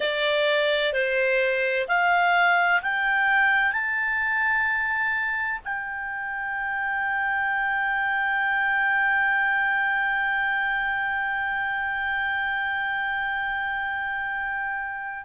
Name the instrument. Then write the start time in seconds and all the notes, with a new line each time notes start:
clarinet
0.00 D5
0.93 C5
1.87 F5
2.82 G5
3.72 A5
5.64 G5